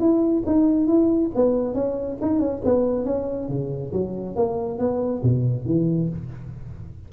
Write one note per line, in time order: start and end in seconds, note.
0.00 0.43 E4
0.46 0.87 D#4
0.87 1.31 E4
1.35 1.74 B3
1.74 2.18 C#4
2.22 2.40 D#4
2.40 2.62 C#4
2.65 3.05 B3
3.05 3.49 C#4
3.49 3.92 C#3
3.92 4.36 F#3
4.36 4.79 A#3
4.79 5.22 B3
5.23 5.66 B2
5.66 6.09 E3